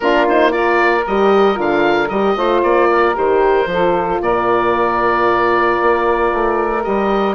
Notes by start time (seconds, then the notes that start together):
0.00 A#3 D4 F4 A#4
0.28 D#4 C5
0.48 F4 A#4 D5
1.06 G3 G4 D#5
1.55 D3 F4 F5
2.08 G3 G4 D#5
2.36 A3 F4 C5
2.63 A#3 D5
2.90 A#4
3.14 D#3 G4 C5
3.66 F3 F4 A4
4.20 A#2 A#4 D5
5.81 A#3
6.32 A3
6.83 G3 G4 D#5